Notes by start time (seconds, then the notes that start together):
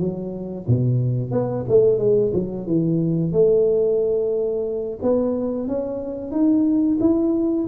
0.00 F#3
0.68 B2
1.32 B3
1.69 A3
1.99 G#3
2.34 F#3
2.67 E3
3.33 A3
5.03 B3
5.68 C#4
6.32 D#4
7.01 E4